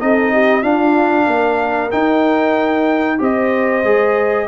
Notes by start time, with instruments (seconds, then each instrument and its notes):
0.00 tuba C4, trombone D#4, horn A4, trumpet D#5
0.32 horn G4
0.62 trombone D4, tuba D4, horn F4, trumpet F5
1.27 tuba A#3, horn A#4
1.91 trombone D#4, tuba D#4, trumpet G5
3.18 tuba C4, trombone G4, horn C5, trumpet D#5
3.84 tuba G#3, trombone G#4